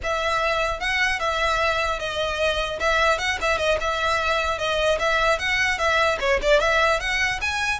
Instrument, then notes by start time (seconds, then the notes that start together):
violin
0.03 E5
0.80 F#5
1.19 E5
1.99 D#5
2.79 E5
3.18 F#5
3.41 E5
3.57 D#5
3.80 E5
4.58 D#5
4.99 E5
5.38 F#5
5.78 E5
6.19 C#5
6.42 D5
6.60 E5
6.99 F#5
7.41 G#5